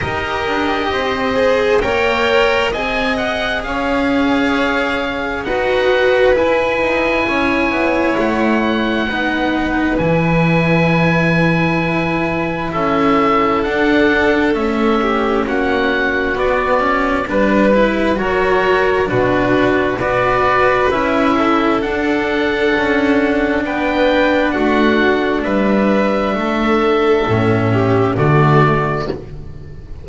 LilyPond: <<
  \new Staff \with { instrumentName = "oboe" } { \time 4/4 \tempo 4 = 66 dis''2 g''4 gis''8 fis''8 | f''2 fis''4 gis''4~ | gis''4 fis''2 gis''4~ | gis''2 e''4 fis''4 |
e''4 fis''4 d''4 b'4 | cis''4 b'4 d''4 e''4 | fis''2 g''4 fis''4 | e''2. d''4 | }
  \new Staff \with { instrumentName = "violin" } { \time 4/4 ais'4 c''4 cis''4 dis''4 | cis''2 b'2 | cis''2 b'2~ | b'2 a'2~ |
a'8 g'8 fis'2 b'4 | ais'4 fis'4 b'4. a'8~ | a'2 b'4 fis'4 | b'4 a'4. g'8 fis'4 | }
  \new Staff \with { instrumentName = "cello" } { \time 4/4 g'4. gis'8 ais'4 gis'4~ | gis'2 fis'4 e'4~ | e'2 dis'4 e'4~ | e'2. d'4 |
cis'2 b8 cis'8 d'8 e'8 | fis'4 d'4 fis'4 e'4 | d'1~ | d'2 cis'4 a4 | }
  \new Staff \with { instrumentName = "double bass" } { \time 4/4 dis'8 d'8 c'4 ais4 c'4 | cis'2 dis'4 e'8 dis'8 | cis'8 b8 a4 b4 e4~ | e2 cis'4 d'4 |
a4 ais4 b4 g4 | fis4 b,4 b4 cis'4 | d'4 cis'4 b4 a4 | g4 a4 a,4 d4 | }
>>